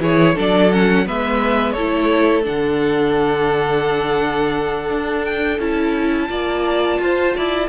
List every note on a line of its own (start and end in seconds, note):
0.00 0.35 E3
0.00 0.35 E4
0.00 0.35 G#4
0.00 0.38 C#5
0.35 1.09 F#3
0.35 0.71 D4
0.35 1.05 A4
0.35 0.72 D5
0.72 1.06 C#4
0.72 1.07 F#5
1.06 1.77 G#3
1.06 1.76 B3
1.06 1.73 B4
1.06 1.72 E5
1.72 2.46 A3
1.72 6.27 A4
1.72 2.42 C#5
1.78 2.43 E4
2.43 4.90 D3
2.43 5.57 D4
2.43 5.25 F#5
4.90 5.59 D4
5.25 5.60 G5
5.59 6.29 C#4
5.59 6.29 E4
5.59 7.68 A5
6.29 6.99 A#3
6.29 7.68 F4
6.29 7.00 D5
6.99 7.34 F4
6.99 7.36 C5
7.36 7.68 E4
7.36 7.68 D5